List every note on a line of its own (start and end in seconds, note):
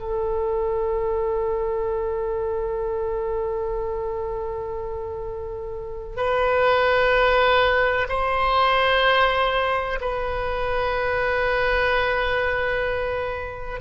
0.00 6.17 A4
6.17 8.07 B4
8.10 10.00 C5
10.01 13.81 B4